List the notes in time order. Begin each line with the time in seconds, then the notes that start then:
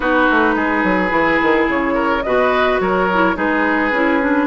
0.00 B3 D#4 F#4 B4
0.30 A3
0.55 G#3 G#4
0.83 F#3
1.09 E3 E4
1.42 D#3
1.68 C#3 C#5
1.94 A#4
2.23 B2 F#4 B4 D#5
2.80 F#3 A#4 C#5
3.13 E4
3.35 G#3 D#4 G#4 B4
3.91 C#4 E4
4.21 D4